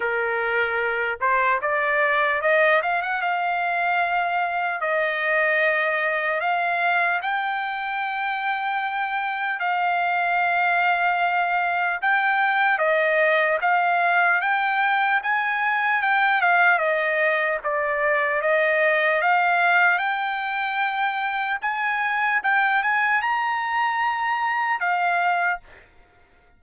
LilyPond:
\new Staff \with { instrumentName = "trumpet" } { \time 4/4 \tempo 4 = 75 ais'4. c''8 d''4 dis''8 f''16 fis''16 | f''2 dis''2 | f''4 g''2. | f''2. g''4 |
dis''4 f''4 g''4 gis''4 | g''8 f''8 dis''4 d''4 dis''4 | f''4 g''2 gis''4 | g''8 gis''8 ais''2 f''4 | }